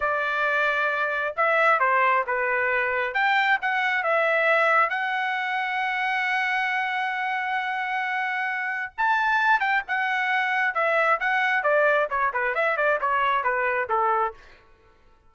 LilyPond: \new Staff \with { instrumentName = "trumpet" } { \time 4/4 \tempo 4 = 134 d''2. e''4 | c''4 b'2 g''4 | fis''4 e''2 fis''4~ | fis''1~ |
fis''1 | a''4. g''8 fis''2 | e''4 fis''4 d''4 cis''8 b'8 | e''8 d''8 cis''4 b'4 a'4 | }